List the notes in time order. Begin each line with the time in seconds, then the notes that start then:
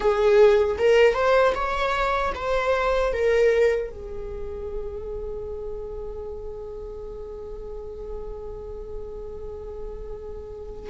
0.00 G#4
0.78 A#4
1.14 C5
1.54 C#5
2.34 C5
3.12 A#4
3.90 G#4